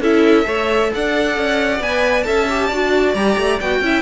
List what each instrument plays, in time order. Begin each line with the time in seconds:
0.00 cello C#4, viola E4, violin A4 E5
0.44 cello A3, viola A4, violin C#5
0.94 cello D4, violin D5 F#5
1.36 cello C#4
1.80 cello B3, viola B4, violin G#5
2.23 cello C#4, viola A4, violin E5 A5
2.50 viola G4
2.67 cello D4, viola F#4, violin D5
3.15 cello G3, viola G4, violin A#5
3.38 cello A3
3.61 cello B3, viola F#4, violin G5
3.81 cello C#4, viola E4, violin E5